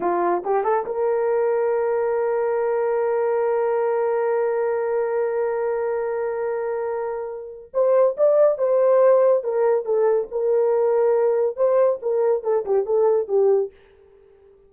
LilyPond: \new Staff \with { instrumentName = "horn" } { \time 4/4 \tempo 4 = 140 f'4 g'8 a'8 ais'2~ | ais'1~ | ais'1~ | ais'1~ |
ais'2 c''4 d''4 | c''2 ais'4 a'4 | ais'2. c''4 | ais'4 a'8 g'8 a'4 g'4 | }